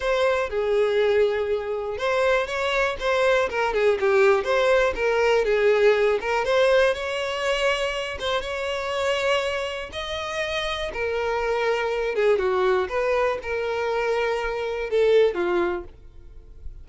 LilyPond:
\new Staff \with { instrumentName = "violin" } { \time 4/4 \tempo 4 = 121 c''4 gis'2. | c''4 cis''4 c''4 ais'8 gis'8 | g'4 c''4 ais'4 gis'4~ | gis'8 ais'8 c''4 cis''2~ |
cis''8 c''8 cis''2. | dis''2 ais'2~ | ais'8 gis'8 fis'4 b'4 ais'4~ | ais'2 a'4 f'4 | }